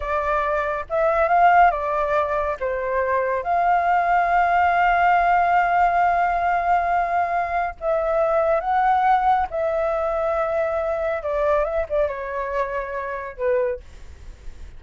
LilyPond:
\new Staff \with { instrumentName = "flute" } { \time 4/4 \tempo 4 = 139 d''2 e''4 f''4 | d''2 c''2 | f''1~ | f''1~ |
f''2 e''2 | fis''2 e''2~ | e''2 d''4 e''8 d''8 | cis''2. b'4 | }